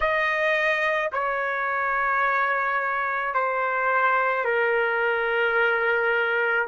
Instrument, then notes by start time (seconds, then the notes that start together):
trumpet
0.00 D#5
1.12 C#5
3.34 C5
4.44 A#4